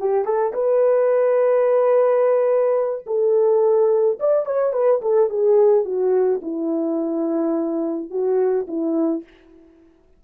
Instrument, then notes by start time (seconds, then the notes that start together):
horn
0.00 G4
0.25 A4
0.54 B4
3.07 A4
4.20 D5
4.46 C#5
4.73 B4
5.02 A4
5.30 G#4
5.85 F#4
6.43 E4
8.11 F#4
8.68 E4